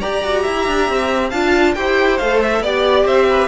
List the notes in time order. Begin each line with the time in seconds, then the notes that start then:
0.00 G4 D5 A#5
0.23 F#4
0.42 E4 E5
0.67 D4
0.88 C4
1.29 D4 F4 F5 A5
1.74 E4 G4 C5 G5
2.18 A3 A4 F5
2.42 E5
2.60 B3 G4 D5
3.04 C4 C5 E5
3.29 B4